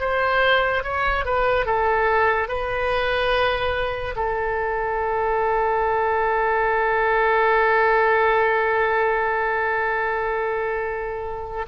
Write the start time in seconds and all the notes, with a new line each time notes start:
0.00 C5
0.83 C#5
1.25 B4
1.66 A4
2.48 B4
4.16 A4